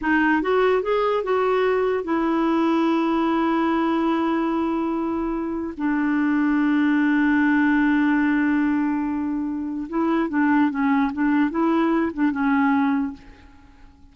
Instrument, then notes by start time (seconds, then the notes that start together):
clarinet
0.01 D#4
0.41 F#4
0.82 G#4
1.23 F#4
2.04 E4
5.77 D4
9.89 E4
10.29 D4
10.70 C#4
11.13 D4
11.50 E4
12.13 D4
12.31 C#4